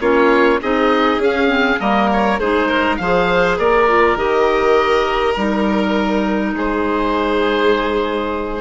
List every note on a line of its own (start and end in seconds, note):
0.00 0.60 A#3
0.00 0.59 C#4
0.00 0.60 F4
0.00 0.60 C#5
0.61 1.18 C4
0.61 1.21 D#4
0.61 1.80 G#4
0.61 1.22 D#5
1.18 1.77 C#4
1.18 1.47 C#4
1.18 1.80 F5
1.47 1.77 C4
1.79 2.40 G3
1.79 2.38 A#3
1.79 2.39 A#4
1.79 2.09 D#5
2.13 2.39 C#5
2.39 2.99 G#3
2.39 3.00 D#4
2.39 2.68 G#4
2.39 2.96 C5
2.68 2.98 A#4
2.96 3.58 F3
2.96 3.88 G#4
2.96 3.58 C5
2.96 3.56 F5
3.58 4.16 A#3
3.58 6.55 A#4
3.58 4.18 D5
3.88 4.17 F4
4.16 5.34 D#3
4.16 5.36 G4
4.16 5.34 D#5
5.34 6.53 G3
5.34 8.61 D#4
5.34 6.53 A#4
6.53 8.61 G#3
6.53 8.61 G#4
6.53 8.61 C5